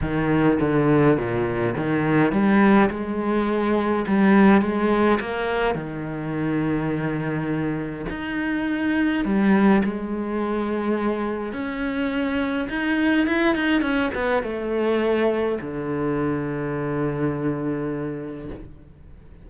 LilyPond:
\new Staff \with { instrumentName = "cello" } { \time 4/4 \tempo 4 = 104 dis4 d4 ais,4 dis4 | g4 gis2 g4 | gis4 ais4 dis2~ | dis2 dis'2 |
g4 gis2. | cis'2 dis'4 e'8 dis'8 | cis'8 b8 a2 d4~ | d1 | }